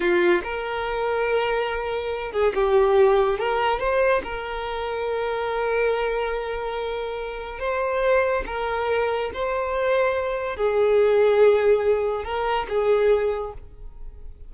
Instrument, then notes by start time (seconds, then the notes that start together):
violin
0.00 F4
0.43 A#4
2.31 G#4
2.54 G4
3.38 A#4
3.79 C5
4.23 A#4
7.59 C5
8.46 A#4
9.33 C5
10.56 G#4
12.24 A#4
12.68 G#4